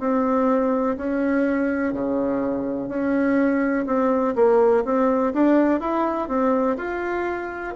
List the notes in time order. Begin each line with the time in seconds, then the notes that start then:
0.00 C4
0.97 C#4
1.93 C#3
2.89 C#4
3.86 C4
4.35 A#3
4.85 C4
5.34 D4
5.80 E4
6.29 C4
6.77 F4